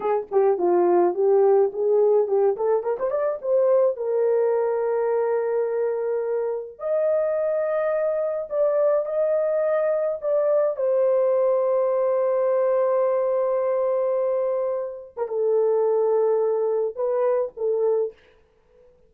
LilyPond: \new Staff \with { instrumentName = "horn" } { \time 4/4 \tempo 4 = 106 gis'8 g'8 f'4 g'4 gis'4 | g'8 a'8 ais'16 c''16 d''8 c''4 ais'4~ | ais'1 | dis''2. d''4 |
dis''2 d''4 c''4~ | c''1~ | c''2~ c''8. ais'16 a'4~ | a'2 b'4 a'4 | }